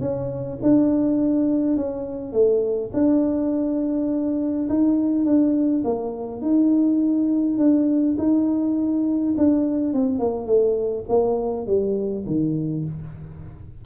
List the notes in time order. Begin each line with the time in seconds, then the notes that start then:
0.00 C#4
0.62 D4
1.76 C#4
2.32 A3
2.93 D4
4.69 D#4
5.25 D4
5.84 A#3
6.41 D#4
7.57 D4
8.18 D#4
9.37 D4
9.93 C4
10.19 A#3
10.46 A3
11.08 A#3
11.66 G3
12.26 D#3